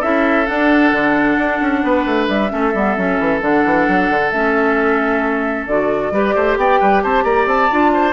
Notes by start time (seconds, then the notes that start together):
0.00 C#4 E4 A4 E5
0.46 D4 F#5
0.92 D3
1.38 D4
1.61 C#4
1.83 B3 B4
2.06 A3
2.28 G3 E5
2.50 A3 C#4 A4
2.74 G3 B3
2.97 F#3 C#4
3.19 E3
3.41 D3 D4 F#5
3.65 E3
3.89 F#3
4.10 D3
4.31 A3 C#4 E5
5.67 D3 F#4 D5
6.12 G3 G4 B4
6.35 A3 C5
6.57 B3 D5 G5
6.80 G3 B4
7.03 C4 C5 A5
7.24 A#3 D5 A#5
7.46 C4 A5
7.70 D4 F4
7.94 C5